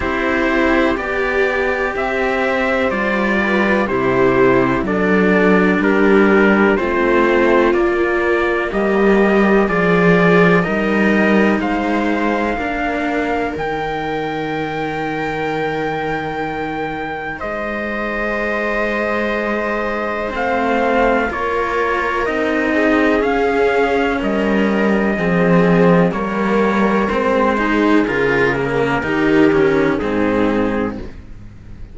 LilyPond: <<
  \new Staff \with { instrumentName = "trumpet" } { \time 4/4 \tempo 4 = 62 c''4 d''4 e''4 d''4 | c''4 d''4 ais'4 c''4 | d''4 dis''4 d''4 dis''4 | f''2 g''2~ |
g''2 dis''2~ | dis''4 f''4 cis''4 dis''4 | f''4 dis''2 cis''4 | c''4 ais'2 gis'4 | }
  \new Staff \with { instrumentName = "viola" } { \time 4/4 g'2~ g'8 c''4 b'8 | g'4 a'4 g'4 f'4~ | f'4 g'4 gis'4 ais'4 | c''4 ais'2.~ |
ais'2 c''2~ | c''2 ais'4. gis'8~ | gis'4 ais'4 gis'4 ais'4~ | ais'8 gis'4. g'4 dis'4 | }
  \new Staff \with { instrumentName = "cello" } { \time 4/4 e'4 g'2 f'4 | e'4 d'2 c'4 | ais2 f'4 dis'4~ | dis'4 d'4 dis'2~ |
dis'1~ | dis'4 c'4 f'4 dis'4 | cis'2 c'4 ais4 | c'8 dis'8 f'8 ais8 dis'8 cis'8 c'4 | }
  \new Staff \with { instrumentName = "cello" } { \time 4/4 c'4 b4 c'4 g4 | c4 fis4 g4 a4 | ais4 g4 f4 g4 | gis4 ais4 dis2~ |
dis2 gis2~ | gis4 a4 ais4 c'4 | cis'4 g4 f4 g4 | gis4 cis4 dis4 gis,4 | }
>>